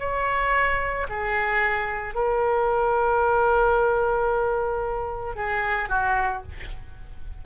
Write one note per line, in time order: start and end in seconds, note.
0.00 1.07 C#5
1.10 2.15 G#4
2.15 5.36 A#4
5.36 5.89 G#4
5.89 6.43 F#4